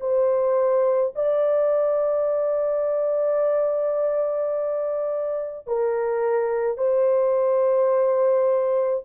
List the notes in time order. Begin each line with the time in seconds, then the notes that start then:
0.00 C5
1.16 D5
5.67 A#4
6.78 C5